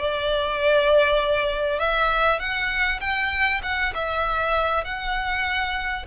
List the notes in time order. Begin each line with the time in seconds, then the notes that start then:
0.00 D5
1.80 E5
2.40 F#5
3.01 G5
3.63 F#5
3.95 E5
4.85 F#5